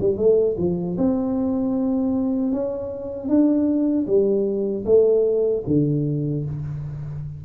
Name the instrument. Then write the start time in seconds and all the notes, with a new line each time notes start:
tuba
0.00 G3
0.17 A3
0.58 F3
0.98 C4
2.52 C#4
3.29 D4
4.07 G3
4.86 A3
5.67 D3